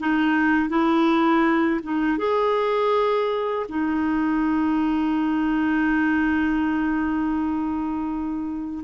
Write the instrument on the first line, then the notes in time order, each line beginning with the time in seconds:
clarinet
0.00 D#4
0.69 E4
1.83 D#4
2.18 G#4
3.69 D#4